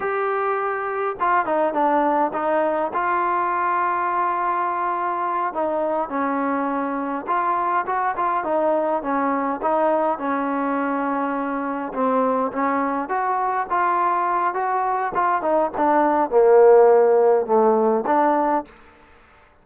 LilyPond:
\new Staff \with { instrumentName = "trombone" } { \time 4/4 \tempo 4 = 103 g'2 f'8 dis'8 d'4 | dis'4 f'2.~ | f'4. dis'4 cis'4.~ | cis'8 f'4 fis'8 f'8 dis'4 cis'8~ |
cis'8 dis'4 cis'2~ cis'8~ | cis'8 c'4 cis'4 fis'4 f'8~ | f'4 fis'4 f'8 dis'8 d'4 | ais2 a4 d'4 | }